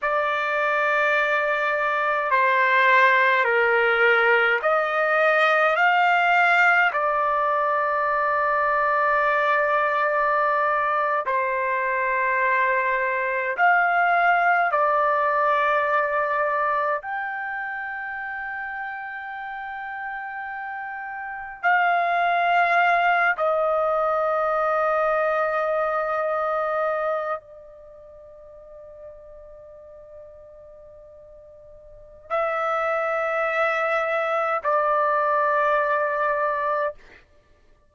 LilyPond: \new Staff \with { instrumentName = "trumpet" } { \time 4/4 \tempo 4 = 52 d''2 c''4 ais'4 | dis''4 f''4 d''2~ | d''4.~ d''16 c''2 f''16~ | f''8. d''2 g''4~ g''16~ |
g''2~ g''8. f''4~ f''16~ | f''16 dis''2.~ dis''8 d''16~ | d''1 | e''2 d''2 | }